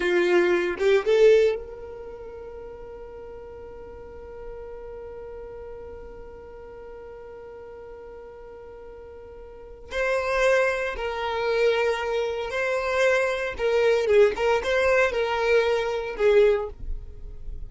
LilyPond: \new Staff \with { instrumentName = "violin" } { \time 4/4 \tempo 4 = 115 f'4. g'8 a'4 ais'4~ | ais'1~ | ais'1~ | ais'1~ |
ais'2. c''4~ | c''4 ais'2. | c''2 ais'4 gis'8 ais'8 | c''4 ais'2 gis'4 | }